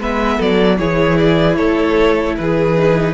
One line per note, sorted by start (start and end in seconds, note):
0.00 0.39 G#3
0.00 0.79 B3
0.00 0.38 B4
0.00 0.42 E5
0.38 0.80 F#3
0.38 0.77 A4
0.38 0.79 D5
0.79 1.59 E3
0.79 2.76 E4
0.79 1.58 G#4
0.79 1.18 C#5
1.18 1.57 D5
1.57 2.39 A3
1.57 2.37 A4
1.57 2.36 C#5
2.37 3.14 E3
2.37 3.14 G#4
2.37 3.14 B4
2.76 3.14 D#4